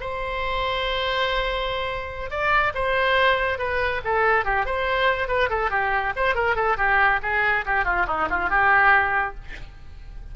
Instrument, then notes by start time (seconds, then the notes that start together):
oboe
0.00 C5
2.30 D5
2.74 C5
3.58 B4
4.04 A4
4.44 G4
4.65 C5
5.27 B4
5.49 A4
5.70 G4
6.16 C5
6.34 A#4
6.55 A4
6.77 G4
7.22 G#4
7.65 G4
7.84 F4
8.07 D#4
8.29 F4
8.49 G4